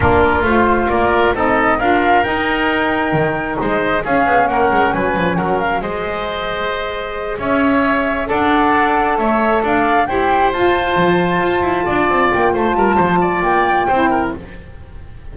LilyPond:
<<
  \new Staff \with { instrumentName = "flute" } { \time 4/4 \tempo 4 = 134 ais'4 c''4 d''4 dis''4 | f''4 g''2. | dis''4 f''4 fis''4 gis''4 | fis''8 f''8 dis''2.~ |
dis''8 e''2 fis''4.~ | fis''8 e''4 f''4 g''4 a''8~ | a''2.~ a''8 g''8 | a''2 g''2 | }
  \new Staff \with { instrumentName = "oboe" } { \time 4/4 f'2 ais'4 a'4 | ais'1 | c''4 gis'4 ais'4 b'4 | ais'4 c''2.~ |
c''8 cis''2 d''4.~ | d''8 cis''4 d''4 c''4.~ | c''2~ c''8 d''4. | c''8 ais'8 c''8 d''4. c''8 ais'8 | }
  \new Staff \with { instrumentName = "saxophone" } { \time 4/4 d'4 f'2 dis'4 | f'4 dis'2.~ | dis'4 cis'2.~ | cis'4 gis'2.~ |
gis'2~ gis'8 a'4.~ | a'2~ a'8 g'4 f'8~ | f'1~ | f'2. e'4 | }
  \new Staff \with { instrumentName = "double bass" } { \time 4/4 ais4 a4 ais4 c'4 | d'4 dis'2 dis4 | gis4 cis'8 b8 ais8 gis8 fis8 f8 | fis4 gis2.~ |
gis8 cis'2 d'4.~ | d'8 a4 d'4 e'4 f'8~ | f'8 f4 f'8 e'8 d'8 c'8 ais8 | a8 g8 f4 ais4 c'4 | }
>>